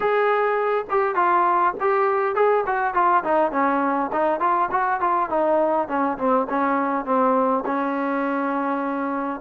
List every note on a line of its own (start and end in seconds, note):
0.00 0.85 G#4
0.90 1.15 G4
1.15 1.74 F4
1.80 2.35 G4
2.35 2.64 G#4
2.66 2.94 F#4
2.94 3.23 F4
3.24 3.51 D#4
3.51 4.10 C#4
4.12 4.40 D#4
4.40 4.69 F4
4.71 5.00 F#4
5.00 5.29 F4
5.29 5.88 D#4
5.88 6.17 C#4
6.18 6.47 C4
6.49 7.05 C#4
7.05 7.64 C4
7.65 9.40 C#4